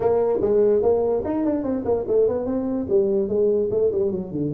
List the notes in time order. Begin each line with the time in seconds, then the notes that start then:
0.00 A#3
0.41 G#3
0.82 A#3
1.24 D#4
1.45 D4
1.63 C4
1.84 A#3
2.07 A3
2.28 B3
2.45 C4
2.89 G3
3.28 G#3
3.70 A3
3.91 G3
4.11 F#3
4.31 D3